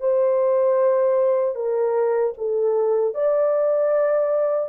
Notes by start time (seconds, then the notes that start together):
0.00 C5
1.55 A#4
2.38 A4
3.14 D5